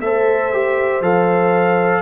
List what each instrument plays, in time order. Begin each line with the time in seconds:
0.00 tuba A3, trombone A4, horn C5, trumpet E5
0.53 trombone G4
1.01 tuba F3, trombone A4, trumpet F5